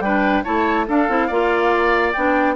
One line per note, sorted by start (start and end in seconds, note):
0.00 0.42 G3
0.00 0.44 D4
0.00 0.44 B4
0.00 0.43 G5
0.44 0.88 A3
0.44 0.87 E4
0.44 0.86 C#5
0.44 0.87 A5
0.88 1.09 D4
0.88 1.28 A4
0.88 2.13 F5
1.09 1.30 C4
1.09 1.30 E4
1.28 2.15 A#3
1.28 2.15 F4
1.28 2.54 D5
2.13 2.56 B3
2.13 2.56 D4
2.13 2.56 G5